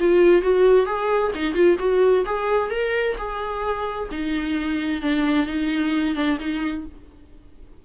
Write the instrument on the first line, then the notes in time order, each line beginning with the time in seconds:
viola
0.00 F4
0.42 F#4
0.86 G#4
1.34 D#4
1.54 F4
1.79 F#4
2.25 G#4
2.70 A#4
3.17 G#4
4.11 D#4
5.01 D4
5.46 D#4
6.15 D4
6.39 D#4